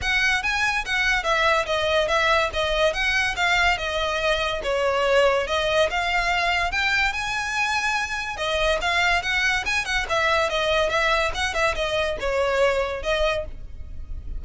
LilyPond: \new Staff \with { instrumentName = "violin" } { \time 4/4 \tempo 4 = 143 fis''4 gis''4 fis''4 e''4 | dis''4 e''4 dis''4 fis''4 | f''4 dis''2 cis''4~ | cis''4 dis''4 f''2 |
g''4 gis''2. | dis''4 f''4 fis''4 gis''8 fis''8 | e''4 dis''4 e''4 fis''8 e''8 | dis''4 cis''2 dis''4 | }